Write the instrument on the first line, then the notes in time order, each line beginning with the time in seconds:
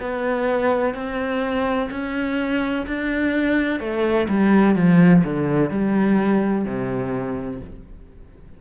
cello
0.00 B3
0.94 C4
1.91 C#4
2.87 D4
3.80 A3
4.29 G3
4.75 F3
5.24 D3
5.71 G3
6.65 C3